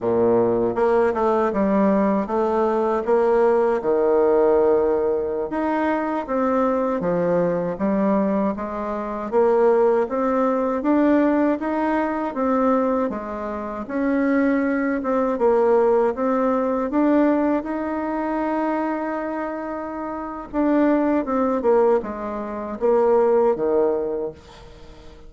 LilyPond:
\new Staff \with { instrumentName = "bassoon" } { \time 4/4 \tempo 4 = 79 ais,4 ais8 a8 g4 a4 | ais4 dis2~ dis16 dis'8.~ | dis'16 c'4 f4 g4 gis8.~ | gis16 ais4 c'4 d'4 dis'8.~ |
dis'16 c'4 gis4 cis'4. c'16~ | c'16 ais4 c'4 d'4 dis'8.~ | dis'2. d'4 | c'8 ais8 gis4 ais4 dis4 | }